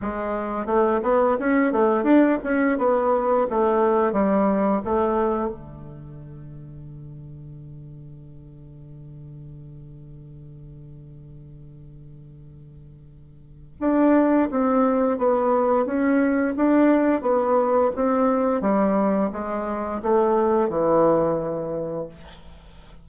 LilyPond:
\new Staff \with { instrumentName = "bassoon" } { \time 4/4 \tempo 4 = 87 gis4 a8 b8 cis'8 a8 d'8 cis'8 | b4 a4 g4 a4 | d1~ | d1~ |
d1 | d'4 c'4 b4 cis'4 | d'4 b4 c'4 g4 | gis4 a4 e2 | }